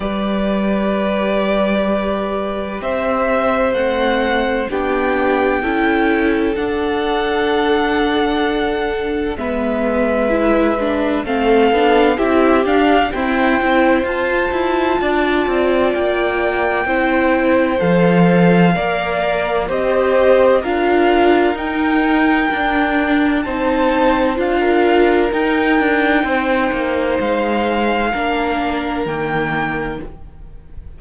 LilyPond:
<<
  \new Staff \with { instrumentName = "violin" } { \time 4/4 \tempo 4 = 64 d''2. e''4 | fis''4 g''2 fis''4~ | fis''2 e''2 | f''4 e''8 f''8 g''4 a''4~ |
a''4 g''2 f''4~ | f''4 dis''4 f''4 g''4~ | g''4 a''4 f''4 g''4~ | g''4 f''2 g''4 | }
  \new Staff \with { instrumentName = "violin" } { \time 4/4 b'2. c''4~ | c''4 g'4 a'2~ | a'2 b'2 | a'4 g'4 c''2 |
d''2 c''2 | d''4 c''4 ais'2~ | ais'4 c''4~ c''16 ais'4.~ ais'16 | c''2 ais'2 | }
  \new Staff \with { instrumentName = "viola" } { \time 4/4 g'1 | c'4 d'4 e'4 d'4~ | d'2 b4 e'8 d'8 | c'8 d'8 e'8 d'8 c'8 e'8 f'4~ |
f'2 e'4 a'4 | ais'4 g'4 f'4 dis'4 | d'4 dis'4 f'4 dis'4~ | dis'2 d'4 ais4 | }
  \new Staff \with { instrumentName = "cello" } { \time 4/4 g2. c'4 | a4 b4 cis'4 d'4~ | d'2 gis2 | a8 b8 c'8 d'8 e'8 c'8 f'8 e'8 |
d'8 c'8 ais4 c'4 f4 | ais4 c'4 d'4 dis'4 | d'4 c'4 d'4 dis'8 d'8 | c'8 ais8 gis4 ais4 dis4 | }
>>